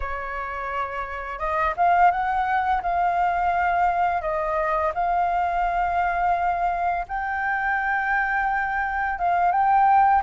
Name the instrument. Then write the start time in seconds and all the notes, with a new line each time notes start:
flute
0.00 C#5
1.38 D#5
1.76 F5
2.11 F#5
2.82 F5
4.21 D#5
4.94 F5
7.08 G5
9.18 F5
9.51 G5